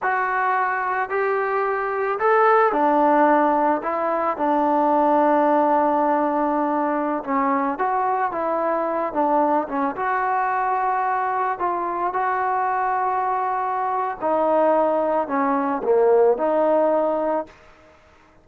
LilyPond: \new Staff \with { instrumentName = "trombone" } { \time 4/4 \tempo 4 = 110 fis'2 g'2 | a'4 d'2 e'4 | d'1~ | d'4~ d'16 cis'4 fis'4 e'8.~ |
e'8. d'4 cis'8 fis'4.~ fis'16~ | fis'4~ fis'16 f'4 fis'4.~ fis'16~ | fis'2 dis'2 | cis'4 ais4 dis'2 | }